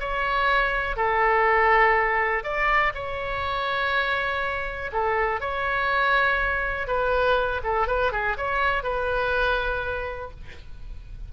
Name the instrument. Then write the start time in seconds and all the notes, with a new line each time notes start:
oboe
0.00 C#5
0.96 A4
2.43 D5
2.94 C#5
4.92 A4
5.41 C#5
6.87 B4
7.64 A4
7.87 B4
8.12 G#4
8.37 C#5
8.83 B4